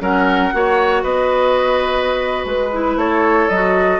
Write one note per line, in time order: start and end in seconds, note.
0.00 0.52 F#3
0.00 0.52 C#4
0.00 0.53 A#4
0.00 1.03 F#5
0.52 1.03 A#3
0.52 2.72 F#4
0.52 1.03 C#5
1.03 2.45 B3
1.03 2.97 B4
1.03 2.45 D#5
2.45 2.96 G#3
2.45 2.98 B4
2.72 3.50 E4
2.96 3.48 A3
2.96 3.99 A4
2.96 3.49 C#5
3.49 3.99 F#3
3.49 3.99 F#4
3.49 3.99 D#5